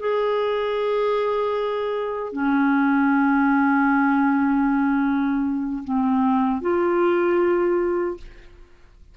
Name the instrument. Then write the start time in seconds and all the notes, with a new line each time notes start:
clarinet
0.00 G#4
2.33 C#4
5.84 C4
6.61 F4